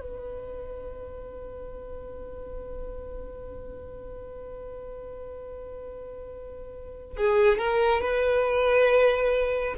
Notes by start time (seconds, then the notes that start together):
0.00 B4
7.17 G#4
7.58 A#4
8.01 B4